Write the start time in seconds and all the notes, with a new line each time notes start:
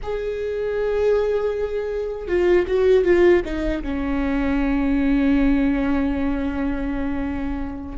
0.02 G#4
2.28 F4
2.67 F#4
3.04 F4
3.45 D#4
3.83 C#4